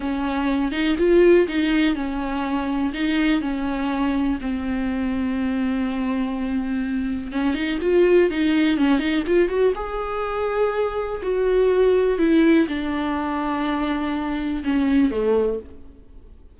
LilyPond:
\new Staff \with { instrumentName = "viola" } { \time 4/4 \tempo 4 = 123 cis'4. dis'8 f'4 dis'4 | cis'2 dis'4 cis'4~ | cis'4 c'2.~ | c'2. cis'8 dis'8 |
f'4 dis'4 cis'8 dis'8 f'8 fis'8 | gis'2. fis'4~ | fis'4 e'4 d'2~ | d'2 cis'4 a4 | }